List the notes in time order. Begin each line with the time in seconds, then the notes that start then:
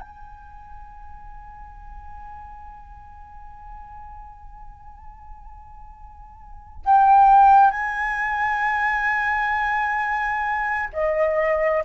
0.00 G#5
6.85 G5
7.71 G#5
10.93 D#5